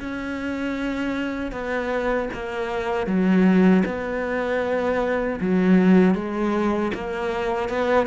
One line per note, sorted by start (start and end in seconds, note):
0.00 1.52 C#4
1.52 2.29 B3
2.34 3.07 A#3
3.07 3.84 F#3
3.86 5.40 B3
5.41 6.15 F#3
6.15 6.92 G#3
6.94 7.69 A#3
7.69 8.07 B3